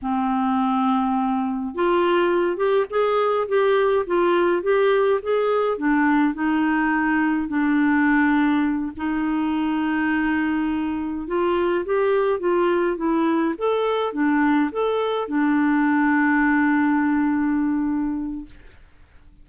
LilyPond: \new Staff \with { instrumentName = "clarinet" } { \time 4/4 \tempo 4 = 104 c'2. f'4~ | f'8 g'8 gis'4 g'4 f'4 | g'4 gis'4 d'4 dis'4~ | dis'4 d'2~ d'8 dis'8~ |
dis'2.~ dis'8 f'8~ | f'8 g'4 f'4 e'4 a'8~ | a'8 d'4 a'4 d'4.~ | d'1 | }